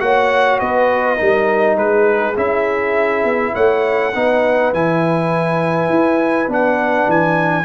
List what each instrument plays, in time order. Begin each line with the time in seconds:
0.00 tuba A#3, trombone F#4, horn C#5, trumpet F#5
0.59 tuba B3, horn B4, trumpet D#5
1.17 tuba G3, trombone D#4, horn A#4
1.77 tuba G#3, horn G#4, trumpet B4
2.36 tuba C#4, trombone E4, trumpet E5
3.25 tuba B3
3.53 tuba A3, horn C#5, trumpet F#5
4.13 tuba B3, trombone D#4, horn B4
4.73 tuba E3, trombone E4, trumpet G#5
5.89 tuba E4
6.48 tuba B3, trombone D4, trumpet F#5
7.08 tuba E3, trumpet G#5